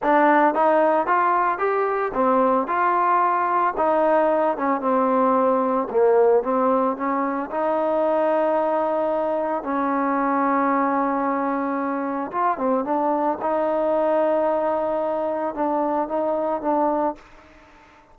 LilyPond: \new Staff \with { instrumentName = "trombone" } { \time 4/4 \tempo 4 = 112 d'4 dis'4 f'4 g'4 | c'4 f'2 dis'4~ | dis'8 cis'8 c'2 ais4 | c'4 cis'4 dis'2~ |
dis'2 cis'2~ | cis'2. f'8 c'8 | d'4 dis'2.~ | dis'4 d'4 dis'4 d'4 | }